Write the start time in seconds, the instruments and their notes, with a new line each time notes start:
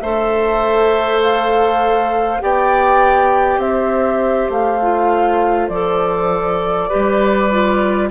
0.00 bassoon A3, clarinet A4, oboe C5, flute E5
1.22 flute F5
2.41 bassoon B3, clarinet G4, oboe D5, flute G5
3.58 bassoon C4, oboe C5, flute E5
4.49 bassoon A3, flute F5
4.82 clarinet F4
5.69 bassoon F3, clarinet A4, flute D5
6.89 bassoon G3, clarinet G4, oboe B4
7.51 clarinet F4